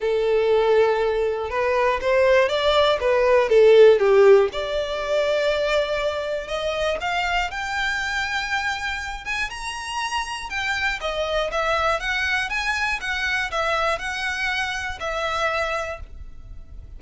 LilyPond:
\new Staff \with { instrumentName = "violin" } { \time 4/4 \tempo 4 = 120 a'2. b'4 | c''4 d''4 b'4 a'4 | g'4 d''2.~ | d''4 dis''4 f''4 g''4~ |
g''2~ g''8 gis''8 ais''4~ | ais''4 g''4 dis''4 e''4 | fis''4 gis''4 fis''4 e''4 | fis''2 e''2 | }